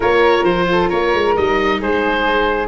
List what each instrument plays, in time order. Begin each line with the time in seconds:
0.00 tuba A#3, viola F4, flute A#4, oboe C#5
0.43 tuba F3, oboe C5
0.71 flute A4
0.88 tuba A#3, flute A#4, oboe C#5
1.14 tuba G#3
1.34 tuba G3, viola D#4, oboe D#5
1.79 tuba G#3, flute G#4, oboe C5